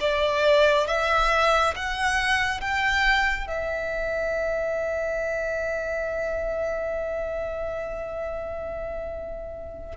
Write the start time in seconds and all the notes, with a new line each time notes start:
0.00 D5
0.87 E5
1.76 F#5
2.61 G5
3.48 E5